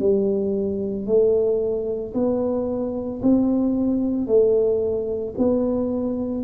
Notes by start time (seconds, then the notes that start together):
0.00 G3
1.07 A3
2.14 B3
3.22 C4
4.28 A3
5.39 B3